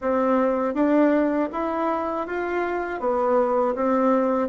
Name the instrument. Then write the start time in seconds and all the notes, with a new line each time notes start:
bassoon
0.01 C4
0.74 D4
1.52 E4
2.26 F4
3.00 B3
3.75 C4